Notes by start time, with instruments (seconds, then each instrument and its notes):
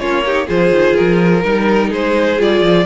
0.00 cello A#3, viola C#4, violin F4 C#5
0.26 viola D#4, violin G4
0.47 cello F3, viola F4, violin G#4 C5
0.71 cello D#3
0.96 cello F3, violin A#4
1.44 cello G3, viola D#4, violin A#4
1.91 cello G#3, violin G#4 C5
2.38 cello G3, viola F4, violin D5
2.61 cello F3